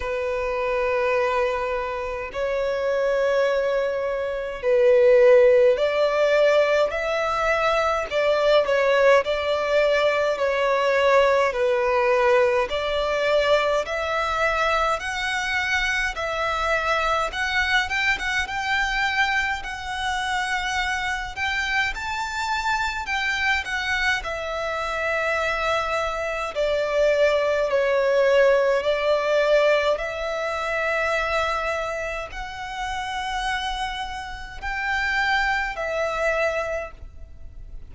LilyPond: \new Staff \with { instrumentName = "violin" } { \time 4/4 \tempo 4 = 52 b'2 cis''2 | b'4 d''4 e''4 d''8 cis''8 | d''4 cis''4 b'4 d''4 | e''4 fis''4 e''4 fis''8 g''16 fis''16 |
g''4 fis''4. g''8 a''4 | g''8 fis''8 e''2 d''4 | cis''4 d''4 e''2 | fis''2 g''4 e''4 | }